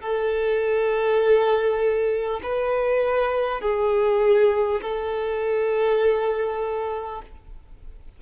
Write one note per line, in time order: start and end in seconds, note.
0.00 2.40 A4
2.43 3.61 B4
3.61 4.81 G#4
4.82 7.22 A4